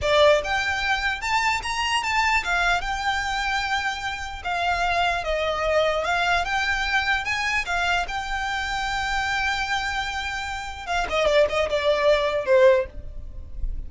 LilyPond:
\new Staff \with { instrumentName = "violin" } { \time 4/4 \tempo 4 = 149 d''4 g''2 a''4 | ais''4 a''4 f''4 g''4~ | g''2. f''4~ | f''4 dis''2 f''4 |
g''2 gis''4 f''4 | g''1~ | g''2. f''8 dis''8 | d''8 dis''8 d''2 c''4 | }